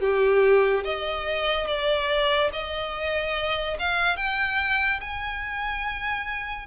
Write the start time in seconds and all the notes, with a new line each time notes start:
0.00 G4
0.84 D#5
1.67 D5
2.52 D#5
3.78 F5
4.16 G5
5.00 G#5